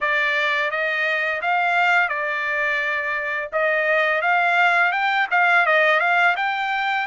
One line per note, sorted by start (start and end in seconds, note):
0.00 0.70 D5
0.70 1.41 D#5
1.41 2.08 F5
2.08 3.49 D5
3.52 4.21 D#5
4.21 4.92 F5
4.92 5.27 G5
5.30 5.65 F5
5.65 5.99 D#5
5.99 6.35 F5
6.36 7.06 G5